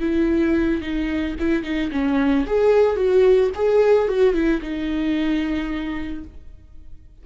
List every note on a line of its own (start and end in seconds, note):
0.00 0.81 E4
0.81 1.35 D#4
1.39 1.63 E4
1.63 1.90 D#4
1.92 2.46 C#4
2.46 2.96 G#4
2.96 3.50 F#4
3.55 4.08 G#4
4.08 4.33 F#4
4.33 4.60 E4
4.61 6.24 D#4